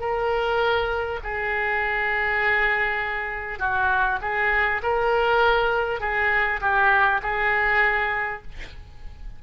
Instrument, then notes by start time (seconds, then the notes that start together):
oboe
0.00 A#4
1.24 G#4
3.59 F#4
4.22 G#4
4.83 A#4
6.01 G#4
6.61 G4
7.22 G#4